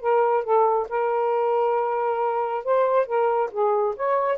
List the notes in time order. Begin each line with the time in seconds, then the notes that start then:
0.00 A#4
0.44 A4
0.89 A#4
2.64 C5
3.06 A#4
3.51 G#4
3.96 C#5